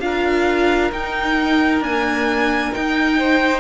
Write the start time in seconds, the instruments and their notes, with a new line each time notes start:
0.00 cello D4, viola F4, violin A#4 F5
0.92 cello D#4, viola D#4, violin G5
1.81 viola A#3, cello D4, violin G#5
2.72 viola D#4, cello D#4, violin G5
3.18 violin C5